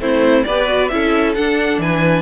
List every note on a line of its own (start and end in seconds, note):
0.00 0.45 A3
0.00 0.45 C4
0.00 0.47 E4
0.00 0.44 C5
0.44 0.91 B3
0.44 0.67 G4
0.44 0.91 B4
0.44 0.88 D5
0.67 0.90 F#4
0.89 1.36 C#4
0.89 1.36 E4
0.89 1.82 A4
0.89 1.33 E5
1.35 1.78 D4
1.35 2.22 D4
1.35 1.80 F#5
1.78 2.22 E3
1.78 2.22 B4
1.78 2.22 G#5